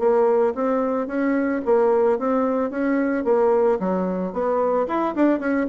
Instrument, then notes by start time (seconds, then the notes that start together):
bassoon
0.00 A#3
0.55 C4
1.08 C#4
1.66 A#3
2.19 C4
2.71 C#4
3.25 A#3
3.80 F#3
4.33 B3
4.88 E4
5.16 D4
5.40 C#4